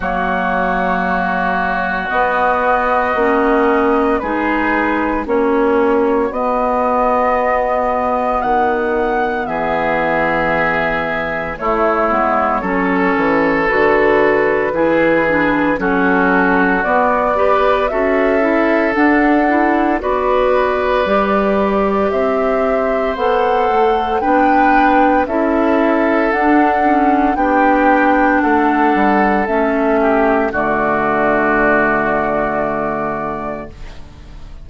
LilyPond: <<
  \new Staff \with { instrumentName = "flute" } { \time 4/4 \tempo 4 = 57 cis''2 dis''2 | b'4 cis''4 dis''2 | fis''4 e''2 cis''4~ | cis''4 b'2 a'4 |
d''4 e''4 fis''4 d''4~ | d''4 e''4 fis''4 g''4 | e''4 fis''4 g''4 fis''4 | e''4 d''2. | }
  \new Staff \with { instrumentName = "oboe" } { \time 4/4 fis'1 | gis'4 fis'2.~ | fis'4 gis'2 e'4 | a'2 gis'4 fis'4~ |
fis'8 b'8 a'2 b'4~ | b'4 c''2 b'4 | a'2 g'4 a'4~ | a'8 g'8 fis'2. | }
  \new Staff \with { instrumentName = "clarinet" } { \time 4/4 ais2 b4 cis'4 | dis'4 cis'4 b2~ | b2. a8 b8 | cis'4 fis'4 e'8 d'8 cis'4 |
b8 g'8 fis'8 e'8 d'8 e'8 fis'4 | g'2 a'4 d'4 | e'4 d'8 cis'8 d'2 | cis'4 a2. | }
  \new Staff \with { instrumentName = "bassoon" } { \time 4/4 fis2 b4 ais4 | gis4 ais4 b2 | dis4 e2 a8 gis8 | fis8 e8 d4 e4 fis4 |
b4 cis'4 d'4 b4 | g4 c'4 b8 a8 b4 | cis'4 d'4 b4 a8 g8 | a4 d2. | }
>>